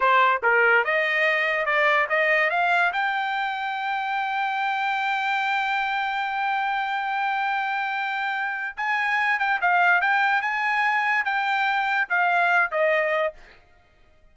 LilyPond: \new Staff \with { instrumentName = "trumpet" } { \time 4/4 \tempo 4 = 144 c''4 ais'4 dis''2 | d''4 dis''4 f''4 g''4~ | g''1~ | g''1~ |
g''1~ | g''4 gis''4. g''8 f''4 | g''4 gis''2 g''4~ | g''4 f''4. dis''4. | }